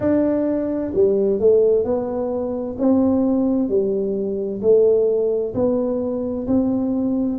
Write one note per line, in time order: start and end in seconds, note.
0.00 0.92 D4
0.94 1.39 G3
1.39 1.84 A3
1.84 2.76 B3
2.78 3.68 C4
3.68 4.61 G3
4.61 5.53 A3
5.54 6.46 B3
6.47 7.38 C4